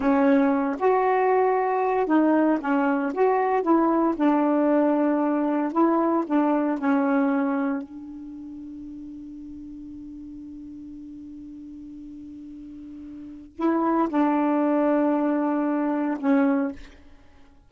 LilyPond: \new Staff \with { instrumentName = "saxophone" } { \time 4/4 \tempo 4 = 115 cis'4. fis'2~ fis'8 | dis'4 cis'4 fis'4 e'4 | d'2. e'4 | d'4 cis'2 d'4~ |
d'1~ | d'1~ | d'2 e'4 d'4~ | d'2. cis'4 | }